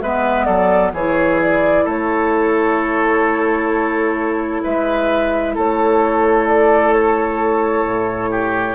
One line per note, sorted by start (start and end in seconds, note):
0.00 0.47 G#3
0.00 0.95 B3
0.00 0.45 B4
0.00 0.44 E5
0.44 0.92 F#3
0.44 0.91 A4
0.44 0.90 D5
0.92 1.85 E3
0.92 8.75 E4
0.92 1.84 G#4
0.92 1.40 C#5
1.42 1.88 D5
1.84 4.62 A3
1.84 4.61 A4
1.84 4.63 C#5
4.63 5.56 G#3
4.63 5.54 B4
4.63 5.55 E5
5.54 7.84 A3
5.54 8.30 A4
5.54 6.47 C#5
6.47 6.93 D5
6.93 8.75 C#5
7.84 8.75 A2
8.30 8.75 G4